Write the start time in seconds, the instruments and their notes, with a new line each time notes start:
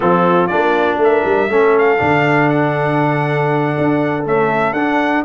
0.00 tuba F3, trombone C4, horn F4, trumpet A4
0.47 tuba A#3, trombone D4, trumpet D5
0.96 tuba A3, horn A#4
1.03 trumpet E5
1.25 tuba G3
1.49 tuba A3, trombone C#4, horn A4
1.78 trumpet F5
1.98 tuba D3, trombone D4
2.49 trumpet F#5
3.77 tuba D4
4.25 trombone A3, tuba C#4, trumpet E5
4.73 tuba D4, trombone D4, trumpet F#5